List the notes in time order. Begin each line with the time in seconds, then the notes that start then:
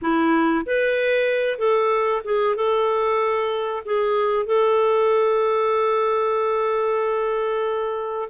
0.01 E4
0.66 B4
1.58 A4
2.24 G#4
2.55 A4
3.85 G#4
4.46 A4